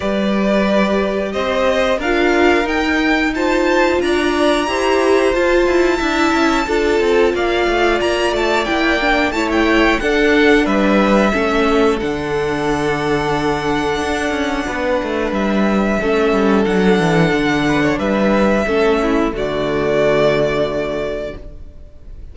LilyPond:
<<
  \new Staff \with { instrumentName = "violin" } { \time 4/4 \tempo 4 = 90 d''2 dis''4 f''4 | g''4 a''4 ais''2 | a''2. f''4 | ais''8 a''8 g''4 a''16 g''8. fis''4 |
e''2 fis''2~ | fis''2. e''4~ | e''4 fis''2 e''4~ | e''4 d''2. | }
  \new Staff \with { instrumentName = "violin" } { \time 4/4 b'2 c''4 ais'4~ | ais'4 c''4 d''4 c''4~ | c''4 e''4 a'4 d''4~ | d''2 cis''4 a'4 |
b'4 a'2.~ | a'2 b'2 | a'2~ a'8 b'16 cis''16 b'4 | a'8 e'8 fis'2. | }
  \new Staff \with { instrumentName = "viola" } { \time 4/4 g'2. f'4 | dis'4 f'2 g'4 | f'4 e'4 f'2~ | f'4 e'8 d'8 e'4 d'4~ |
d'4 cis'4 d'2~ | d'1 | cis'4 d'2. | cis'4 a2. | }
  \new Staff \with { instrumentName = "cello" } { \time 4/4 g2 c'4 d'4 | dis'2 d'4 e'4 | f'8 e'8 d'8 cis'8 d'8 c'8 ais8 a8 | ais8 a8 ais4 a4 d'4 |
g4 a4 d2~ | d4 d'8 cis'8 b8 a8 g4 | a8 g8 fis8 e8 d4 g4 | a4 d2. | }
>>